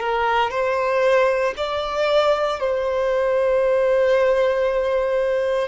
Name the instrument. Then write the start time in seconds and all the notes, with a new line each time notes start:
violin
0.00 A#4
0.51 C5
1.57 D5
2.60 C5